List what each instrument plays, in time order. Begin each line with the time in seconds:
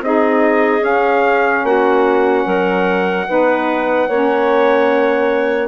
0.00 bassoon C4, saxophone D#4, clarinet G#4, trumpet D#5
0.79 saxophone C#4, bassoon C#4, trumpet F5
1.63 bassoon A#3, clarinet F#4, trumpet F#5
2.44 bassoon F#3, clarinet A#4
3.27 bassoon B3, saxophone D#4, clarinet B4
4.08 bassoon A#3, saxophone C#4, clarinet C#5